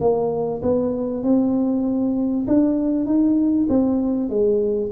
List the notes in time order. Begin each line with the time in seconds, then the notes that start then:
0.00 A#3
0.62 B3
1.23 C4
2.47 D4
3.06 D#4
3.69 C4
4.29 G#3